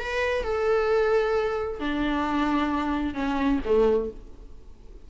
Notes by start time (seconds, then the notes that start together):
0.00 B4
0.44 A4
1.80 D4
3.15 C#4
3.65 A3